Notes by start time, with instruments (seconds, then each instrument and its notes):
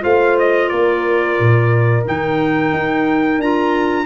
0.00 tuba A3, clarinet F4, horn C5, trumpet F5
0.38 trumpet D#5
0.68 tuba A#3, horn A#4, trumpet D5
1.39 tuba A#2
2.04 tuba D#3, clarinet D#4, trumpet G5
2.72 tuba D#4
3.38 tuba D4, clarinet F4, trumpet A#5